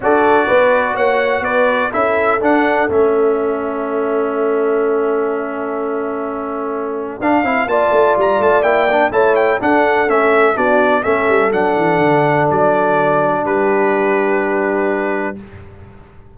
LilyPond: <<
  \new Staff \with { instrumentName = "trumpet" } { \time 4/4 \tempo 4 = 125 d''2 fis''4 d''4 | e''4 fis''4 e''2~ | e''1~ | e''2. f''4 |
a''4 ais''8 a''8 g''4 a''8 g''8 | fis''4 e''4 d''4 e''4 | fis''2 d''2 | b'1 | }
  \new Staff \with { instrumentName = "horn" } { \time 4/4 a'4 b'4 cis''4 b'4 | a'1~ | a'1~ | a'1 |
d''2. cis''4 | a'2 fis'4 a'4~ | a'1 | g'1 | }
  \new Staff \with { instrumentName = "trombone" } { \time 4/4 fis'1 | e'4 d'4 cis'2~ | cis'1~ | cis'2. d'8 e'8 |
f'2 e'8 d'8 e'4 | d'4 cis'4 d'4 cis'4 | d'1~ | d'1 | }
  \new Staff \with { instrumentName = "tuba" } { \time 4/4 d'4 b4 ais4 b4 | cis'4 d'4 a2~ | a1~ | a2. d'8 c'8 |
ais8 a8 g8 a8 ais4 a4 | d'4 a4 b4 a8 g8 | fis8 e8 d4 fis2 | g1 | }
>>